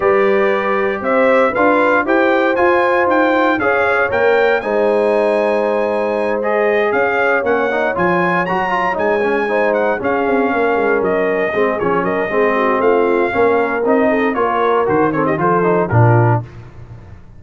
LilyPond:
<<
  \new Staff \with { instrumentName = "trumpet" } { \time 4/4 \tempo 4 = 117 d''2 e''4 f''4 | g''4 gis''4 g''4 f''4 | g''4 gis''2.~ | gis''8 dis''4 f''4 fis''4 gis''8~ |
gis''8 ais''4 gis''4. fis''8 f''8~ | f''4. dis''4. cis''8 dis''8~ | dis''4 f''2 dis''4 | cis''4 c''8 cis''16 dis''16 c''4 ais'4 | }
  \new Staff \with { instrumentName = "horn" } { \time 4/4 b'2 c''4 b'4 | c''2. cis''4~ | cis''4 c''2.~ | c''4. cis''2~ cis''8~ |
cis''2~ cis''8 c''4 gis'8~ | gis'8 ais'2 gis'4 ais'8 | gis'8 fis'8 f'4 ais'4. a'8 | ais'4. a'16 g'16 a'4 f'4 | }
  \new Staff \with { instrumentName = "trombone" } { \time 4/4 g'2. f'4 | g'4 f'2 gis'4 | ais'4 dis'2.~ | dis'8 gis'2 cis'8 dis'8 f'8~ |
f'8 fis'8 f'8 dis'8 cis'8 dis'4 cis'8~ | cis'2~ cis'8 c'8 cis'4 | c'2 cis'4 dis'4 | f'4 fis'8 c'8 f'8 dis'8 d'4 | }
  \new Staff \with { instrumentName = "tuba" } { \time 4/4 g2 c'4 d'4 | e'4 f'4 dis'4 cis'4 | ais4 gis2.~ | gis4. cis'4 ais4 f8~ |
f8 fis4 gis2 cis'8 | c'8 ais8 gis8 fis4 gis8 f8 fis8 | gis4 a4 ais4 c'4 | ais4 dis4 f4 ais,4 | }
>>